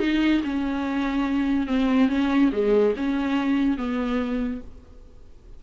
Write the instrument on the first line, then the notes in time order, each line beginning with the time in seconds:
viola
0.00 D#4
0.44 C#4
1.68 C4
2.09 C#4
2.53 G#3
2.97 C#4
3.78 B3